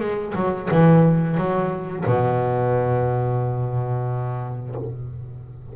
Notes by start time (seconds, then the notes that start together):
0.00 G#3
0.36 F#3
0.71 E3
1.37 F#3
2.06 B2